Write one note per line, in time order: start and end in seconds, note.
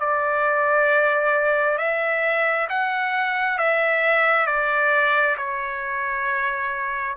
0.00 1.78 D5
1.78 2.68 E5
2.69 3.58 F#5
3.58 4.47 E5
4.47 5.36 D5
5.37 7.16 C#5